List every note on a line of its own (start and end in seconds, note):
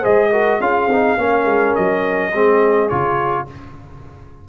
0.00 0.60 G#3
0.00 0.31 G#4
0.00 0.29 C5
0.00 0.62 D#5
0.32 0.61 F#4
0.32 0.60 A#4
0.60 0.87 C#4
0.60 0.89 F4
0.60 1.19 G#4
0.60 1.75 F5
0.87 1.16 C4
0.87 1.18 D#4
1.17 1.45 A#3
1.17 2.32 C#4
1.17 2.32 A#4
1.45 1.74 G#3
1.75 2.34 F#3
1.75 2.89 D#5
2.32 2.91 G#3
2.32 2.90 C4
2.32 3.47 G#4
2.89 3.49 C#3
2.89 3.47 F4
2.89 3.46 C#5